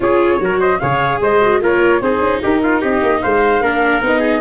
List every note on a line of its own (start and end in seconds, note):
0.00 0.39 C#4
0.00 0.39 F4
0.00 0.42 G#4
0.00 0.60 C#5
0.39 0.79 F#3
0.39 0.79 F#4
0.39 0.60 A#4
0.60 0.80 C5
0.60 0.79 D#5
0.79 1.20 C#3
0.79 1.41 G#4
0.79 1.21 C#5
0.79 1.19 F5
1.20 1.61 G#3
1.20 1.62 C5
1.20 1.62 D#5
1.41 1.61 F#4
1.61 2.00 A#3
1.61 2.01 F4
1.61 2.03 A#4
1.61 2.01 C#5
2.00 2.19 C4
2.00 3.62 D#4
2.00 2.42 G#4
2.00 2.41 C5
2.19 2.39 C#4
2.42 2.83 D#4
2.42 2.62 G4
2.42 2.82 A#4
2.62 2.80 F4
2.80 3.02 C4
2.80 3.21 G4
2.80 3.22 D#5
3.02 3.22 A#3
3.22 3.60 G#3
3.22 3.62 C5
3.22 4.02 F5
3.60 4.00 A#3
3.60 4.01 D4
3.60 4.19 A#4
4.01 4.40 B3
4.01 4.40 D#4
4.01 4.40 D#5
4.19 4.40 G#4